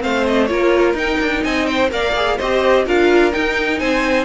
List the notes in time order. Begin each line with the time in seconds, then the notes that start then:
0.00 A3 C4 C5 F5
0.27 D#5
0.46 A#3 F4 A#4 C#5
0.94 D#4 G5
1.21 D4
1.44 C4 D#5 G#5
1.66 C5 G5
1.90 A#3 A#4 D5 F5
2.16 G#4
2.38 C4 G4 C5 D#5
2.86 D4 F4 A#4 F5
3.32 D#4 G5
3.80 C4 C5 G#5